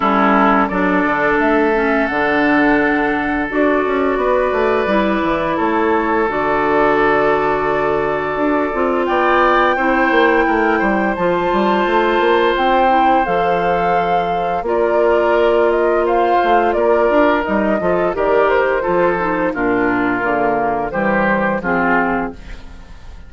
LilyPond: <<
  \new Staff \with { instrumentName = "flute" } { \time 4/4 \tempo 4 = 86 a'4 d''4 e''4 fis''4~ | fis''4 d''2. | cis''4 d''2.~ | d''4 g''2. |
a''2 g''4 f''4~ | f''4 d''4. dis''8 f''4 | d''4 dis''4 d''8 c''4. | ais'2 c''4 gis'4 | }
  \new Staff \with { instrumentName = "oboe" } { \time 4/4 e'4 a'2.~ | a'2 b'2 | a'1~ | a'4 d''4 c''4 ais'8 c''8~ |
c''1~ | c''4 ais'2 c''4 | ais'4. a'8 ais'4 a'4 | f'2 g'4 f'4 | }
  \new Staff \with { instrumentName = "clarinet" } { \time 4/4 cis'4 d'4. cis'8 d'4~ | d'4 fis'2 e'4~ | e'4 fis'2.~ | fis'8 f'4. e'2 |
f'2~ f'8 e'8 a'4~ | a'4 f'2.~ | f'4 dis'8 f'8 g'4 f'8 dis'8 | d'4 ais4 g4 c'4 | }
  \new Staff \with { instrumentName = "bassoon" } { \time 4/4 g4 fis8 d8 a4 d4~ | d4 d'8 cis'8 b8 a8 g8 e8 | a4 d2. | d'8 c'8 b4 c'8 ais8 a8 g8 |
f8 g8 a8 ais8 c'4 f4~ | f4 ais2~ ais8 a8 | ais8 d'8 g8 f8 dis4 f4 | ais,4 d4 e4 f4 | }
>>